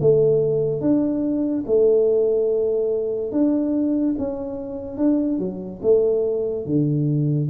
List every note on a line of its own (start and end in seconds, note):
0.00 0.81 A3
0.81 1.64 D4
1.66 3.31 A3
3.31 4.15 D4
4.18 4.97 C#4
4.97 5.38 D4
5.38 5.80 F#3
5.82 6.65 A3
6.65 7.48 D3